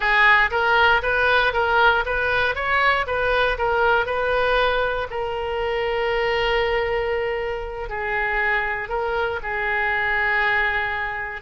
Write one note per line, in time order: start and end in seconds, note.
0.00 0.50 G#4
0.50 1.01 A#4
1.02 1.53 B4
1.53 2.04 A#4
2.05 2.55 B4
2.55 3.06 C#5
3.06 3.57 B4
3.58 4.06 A#4
4.06 5.07 B4
5.10 7.89 A#4
7.89 8.88 G#4
8.88 9.39 A#4
9.43 11.41 G#4